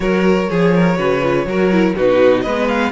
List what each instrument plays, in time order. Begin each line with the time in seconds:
0.00 cello F#3, viola F#4, violin A#4 C#5
0.49 cello F3, violin G#4, viola G#4
0.74 violin A#4
0.96 cello C#3, viola F#4, violin B4
1.22 viola F4
1.45 cello F#3, viola F#4, violin A#4
1.71 viola E4
1.95 cello B2, viola D#4, violin F#4 B4
2.41 cello G#3, viola B3, violin B4 D#5
2.68 violin F5